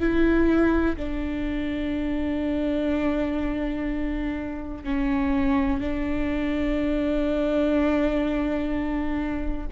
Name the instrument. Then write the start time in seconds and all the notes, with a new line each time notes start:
viola
0.00 E4
0.97 D4
4.84 C#4
5.81 D4